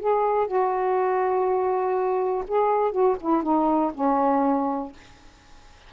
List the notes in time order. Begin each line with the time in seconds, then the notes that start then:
0.00 G#4
0.48 F#4
2.48 G#4
2.92 F#4
3.21 E4
3.43 D#4
3.94 C#4